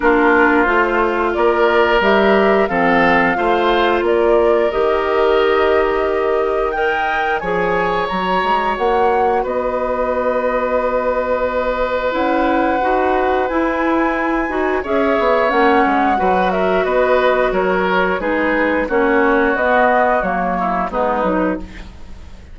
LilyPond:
<<
  \new Staff \with { instrumentName = "flute" } { \time 4/4 \tempo 4 = 89 ais'4 c''4 d''4 e''4 | f''2 d''4 dis''4~ | dis''2 g''4 gis''4 | ais''4 fis''4 dis''2~ |
dis''2 fis''2 | gis''2 e''4 fis''4~ | fis''8 e''8 dis''4 cis''4 b'4 | cis''4 dis''4 cis''4 b'4 | }
  \new Staff \with { instrumentName = "oboe" } { \time 4/4 f'2 ais'2 | a'4 c''4 ais'2~ | ais'2 dis''4 cis''4~ | cis''2 b'2~ |
b'1~ | b'2 cis''2 | b'8 ais'8 b'4 ais'4 gis'4 | fis'2~ fis'8 e'8 dis'4 | }
  \new Staff \with { instrumentName = "clarinet" } { \time 4/4 d'4 f'2 g'4 | c'4 f'2 g'4~ | g'2 ais'4 gis'4 | fis'1~ |
fis'2 e'4 fis'4 | e'4. fis'8 gis'4 cis'4 | fis'2. dis'4 | cis'4 b4 ais4 b8 dis'8 | }
  \new Staff \with { instrumentName = "bassoon" } { \time 4/4 ais4 a4 ais4 g4 | f4 a4 ais4 dis4~ | dis2. f4 | fis8 gis8 ais4 b2~ |
b2 cis'4 dis'4 | e'4. dis'8 cis'8 b8 ais8 gis8 | fis4 b4 fis4 gis4 | ais4 b4 fis4 gis8 fis8 | }
>>